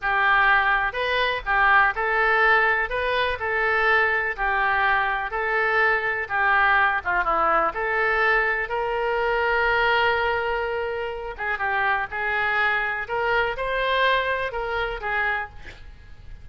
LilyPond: \new Staff \with { instrumentName = "oboe" } { \time 4/4 \tempo 4 = 124 g'2 b'4 g'4 | a'2 b'4 a'4~ | a'4 g'2 a'4~ | a'4 g'4. f'8 e'4 |
a'2 ais'2~ | ais'2.~ ais'8 gis'8 | g'4 gis'2 ais'4 | c''2 ais'4 gis'4 | }